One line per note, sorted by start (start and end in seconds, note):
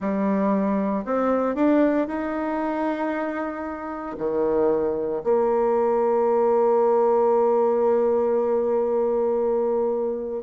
0.00 1.05 G3
1.05 1.55 C4
1.55 2.07 D4
2.07 4.16 D#4
4.17 5.22 D#3
5.23 10.43 A#3